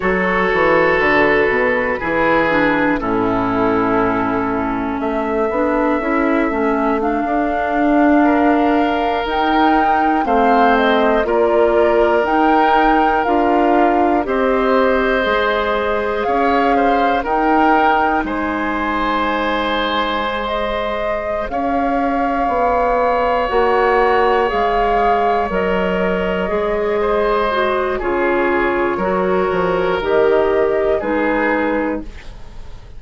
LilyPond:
<<
  \new Staff \with { instrumentName = "flute" } { \time 4/4 \tempo 4 = 60 cis''4 b'2 a'4~ | a'4 e''2 f''4~ | f''4~ f''16 g''4 f''8 dis''8 d''8.~ | d''16 g''4 f''4 dis''4.~ dis''16~ |
dis''16 f''4 g''4 gis''4.~ gis''16~ | gis''8 dis''4 f''2 fis''8~ | fis''8 f''4 dis''2~ dis''8 | cis''2 dis''4 b'4 | }
  \new Staff \with { instrumentName = "oboe" } { \time 4/4 a'2 gis'4 e'4~ | e'4 a'2.~ | a'16 ais'2 c''4 ais'8.~ | ais'2~ ais'16 c''4.~ c''16~ |
c''16 cis''8 c''8 ais'4 c''4.~ c''16~ | c''4. cis''2~ cis''8~ | cis''2. c''4 | gis'4 ais'2 gis'4 | }
  \new Staff \with { instrumentName = "clarinet" } { \time 4/4 fis'2 e'8 d'8 cis'4~ | cis'4. d'8 e'8 cis'8 d'4~ | d'4~ d'16 dis'4 c'4 f'8.~ | f'16 dis'4 f'4 g'4 gis'8.~ |
gis'4~ gis'16 dis'2~ dis'8.~ | dis'16 gis'2.~ gis'16 fis'8~ | fis'8 gis'4 ais'4 gis'4 fis'8 | f'4 fis'4 g'4 dis'4 | }
  \new Staff \with { instrumentName = "bassoon" } { \time 4/4 fis8 e8 d8 b,8 e4 a,4~ | a,4 a8 b8 cis'8 a8. d'8.~ | d'4~ d'16 dis'4 a4 ais8.~ | ais16 dis'4 d'4 c'4 gis8.~ |
gis16 cis'4 dis'4 gis4.~ gis16~ | gis4. cis'4 b4 ais8~ | ais8 gis4 fis4 gis4. | cis4 fis8 f8 dis4 gis4 | }
>>